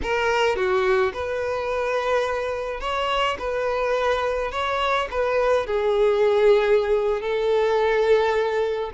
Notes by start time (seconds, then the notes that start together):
0.02 A#4
0.55 F#4
1.13 B4
2.80 C#5
3.38 B4
4.51 C#5
5.10 B4
5.66 G#4
7.21 A4